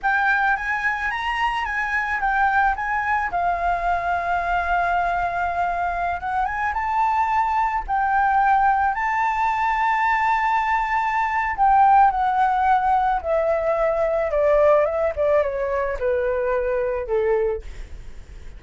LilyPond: \new Staff \with { instrumentName = "flute" } { \time 4/4 \tempo 4 = 109 g''4 gis''4 ais''4 gis''4 | g''4 gis''4 f''2~ | f''2.~ f''16 fis''8 gis''16~ | gis''16 a''2 g''4.~ g''16~ |
g''16 a''2.~ a''8.~ | a''4 g''4 fis''2 | e''2 d''4 e''8 d''8 | cis''4 b'2 a'4 | }